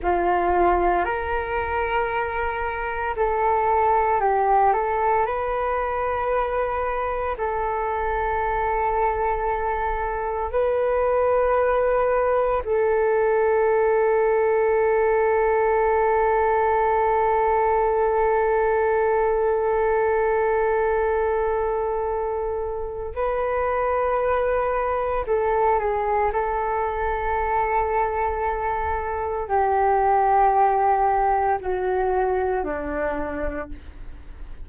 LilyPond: \new Staff \with { instrumentName = "flute" } { \time 4/4 \tempo 4 = 57 f'4 ais'2 a'4 | g'8 a'8 b'2 a'4~ | a'2 b'2 | a'1~ |
a'1~ | a'2 b'2 | a'8 gis'8 a'2. | g'2 fis'4 d'4 | }